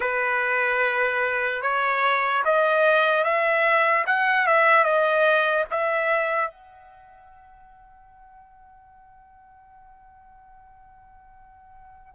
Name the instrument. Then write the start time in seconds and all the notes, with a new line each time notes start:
trumpet
0.00 B4
1.62 C#5
2.44 D#5
3.24 E5
4.06 F#5
4.46 E5
4.84 D#5
5.70 E5
6.50 F#5